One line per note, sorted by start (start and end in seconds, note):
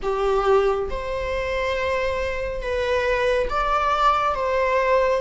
0.02 0.89 G4
0.89 2.61 C5
2.61 3.48 B4
3.49 4.34 D5
4.34 5.21 C5